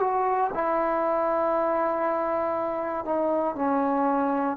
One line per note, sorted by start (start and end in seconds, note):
0.00 0.51 F#4
0.54 3.05 E4
3.05 3.55 D#4
3.55 4.57 C#4